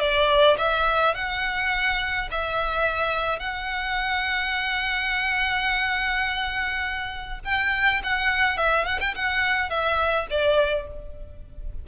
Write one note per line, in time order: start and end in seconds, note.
0.00 0.57 D5
0.58 1.15 E5
1.15 2.29 F#5
2.31 3.39 E5
3.39 7.39 F#5
7.45 8.02 G5
8.03 8.57 F#5
8.57 8.85 E5
8.85 8.99 F#5
9.00 9.15 G5
9.15 9.70 F#5
9.70 10.27 E5
10.30 10.87 D5